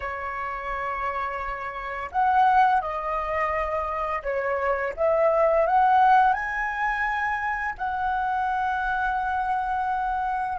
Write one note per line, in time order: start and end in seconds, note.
0.00 2.10 C#5
2.11 2.81 F#5
2.81 4.22 D#5
4.23 4.93 C#5
4.96 5.66 E5
5.66 6.33 F#5
6.33 7.74 G#5
7.78 10.58 F#5